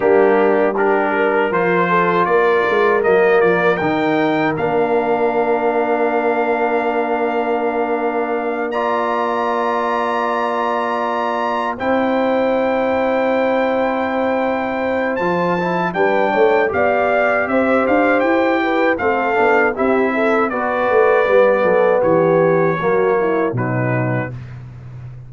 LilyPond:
<<
  \new Staff \with { instrumentName = "trumpet" } { \time 4/4 \tempo 4 = 79 g'4 ais'4 c''4 d''4 | dis''8 d''8 g''4 f''2~ | f''2.~ f''8 ais''8~ | ais''2.~ ais''8 g''8~ |
g''1 | a''4 g''4 f''4 e''8 f''8 | g''4 f''4 e''4 d''4~ | d''4 cis''2 b'4 | }
  \new Staff \with { instrumentName = "horn" } { \time 4/4 d'4 g'8 ais'4 a'8 ais'4~ | ais'1~ | ais'2.~ ais'8 d''8~ | d''2.~ d''8 c''8~ |
c''1~ | c''4 b'8 cis''8 d''4 c''4~ | c''8 b'8 a'4 g'8 a'8 b'4~ | b'8 a'8 g'4 fis'8 e'8 dis'4 | }
  \new Staff \with { instrumentName = "trombone" } { \time 4/4 ais4 d'4 f'2 | ais4 dis'4 d'2~ | d'2.~ d'8 f'8~ | f'2.~ f'8 e'8~ |
e'1 | f'8 e'8 d'4 g'2~ | g'4 c'8 d'8 e'4 fis'4 | b2 ais4 fis4 | }
  \new Staff \with { instrumentName = "tuba" } { \time 4/4 g2 f4 ais8 gis8 | fis8 f8 dis4 ais2~ | ais1~ | ais2.~ ais8 c'8~ |
c'1 | f4 g8 a8 b4 c'8 d'8 | e'4 a8 b8 c'4 b8 a8 | g8 fis8 e4 fis4 b,4 | }
>>